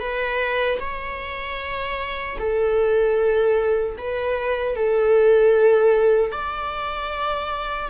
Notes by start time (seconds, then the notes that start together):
0.00 B4
0.80 C#5
2.39 A4
3.98 B4
4.76 A4
6.32 D5